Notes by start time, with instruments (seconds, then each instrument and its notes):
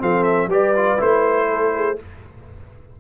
0.00 tuba F3, trombone C4, horn A4, trumpet F5
0.24 trumpet E5
0.48 tuba G3, trombone G4, horn B4, trumpet D5
0.77 trombone F4
0.98 tuba A3, trombone E4, trumpet C5
1.50 horn A4
1.76 horn G#4